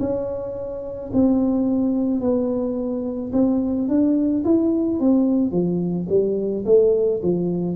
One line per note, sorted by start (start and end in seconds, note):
0.00 1.11 C#4
1.13 2.21 C4
2.21 3.32 B3
3.33 3.88 C4
3.88 4.44 D4
4.45 5.00 E4
5.00 5.52 C4
5.52 6.08 F3
6.09 6.65 G3
6.66 7.21 A3
7.23 7.76 F3